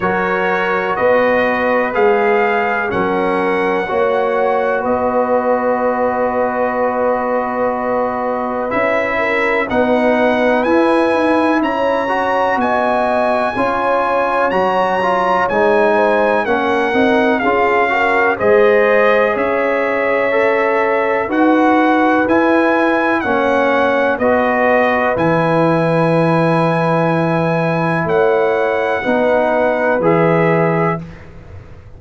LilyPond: <<
  \new Staff \with { instrumentName = "trumpet" } { \time 4/4 \tempo 4 = 62 cis''4 dis''4 f''4 fis''4~ | fis''4 dis''2.~ | dis''4 e''4 fis''4 gis''4 | ais''4 gis''2 ais''4 |
gis''4 fis''4 f''4 dis''4 | e''2 fis''4 gis''4 | fis''4 dis''4 gis''2~ | gis''4 fis''2 e''4 | }
  \new Staff \with { instrumentName = "horn" } { \time 4/4 ais'4 b'2 ais'4 | cis''4 b'2.~ | b'4. ais'8 b'2 | cis''4 dis''4 cis''2~ |
cis''8 c''8 ais'4 gis'8 ais'8 c''4 | cis''2 b'2 | cis''4 b'2.~ | b'4 cis''4 b'2 | }
  \new Staff \with { instrumentName = "trombone" } { \time 4/4 fis'2 gis'4 cis'4 | fis'1~ | fis'4 e'4 dis'4 e'4~ | e'8 fis'4. f'4 fis'8 f'8 |
dis'4 cis'8 dis'8 f'8 fis'8 gis'4~ | gis'4 a'4 fis'4 e'4 | cis'4 fis'4 e'2~ | e'2 dis'4 gis'4 | }
  \new Staff \with { instrumentName = "tuba" } { \time 4/4 fis4 b4 gis4 fis4 | ais4 b2.~ | b4 cis'4 b4 e'8 dis'8 | cis'4 b4 cis'4 fis4 |
gis4 ais8 c'8 cis'4 gis4 | cis'2 dis'4 e'4 | ais4 b4 e2~ | e4 a4 b4 e4 | }
>>